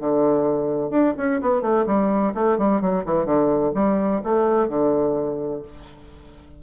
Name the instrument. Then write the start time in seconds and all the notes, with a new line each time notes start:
bassoon
0.00 D3
0.90 D4
1.17 C#4
1.41 B3
1.62 A3
1.86 G3
2.34 A3
2.58 G3
2.81 F#3
3.05 E3
3.25 D3
3.74 G3
4.23 A3
4.69 D3